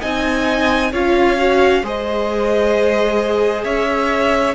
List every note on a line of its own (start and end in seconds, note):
0.00 0.92 C4
0.00 0.92 D#4
0.00 0.91 D#5
0.00 0.92 G#5
0.91 1.82 C#4
0.91 1.37 F4
0.91 1.82 C#5
0.91 1.85 F5
1.37 1.82 F#4
1.82 3.63 G#3
1.82 4.55 G#4
1.82 3.64 C5
1.82 3.63 D#5
3.63 4.54 C#4
3.63 4.55 C#5
3.63 4.54 E5